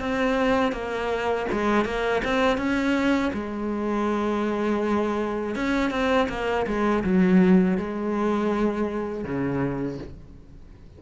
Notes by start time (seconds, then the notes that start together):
0.00 C4
0.72 A#3
1.52 G#3
1.85 A#3
2.25 C4
2.58 C#4
3.34 G#3
5.56 C#4
5.91 C4
6.29 A#3
6.67 G#3
7.04 F#3
7.78 G#3
9.24 C#3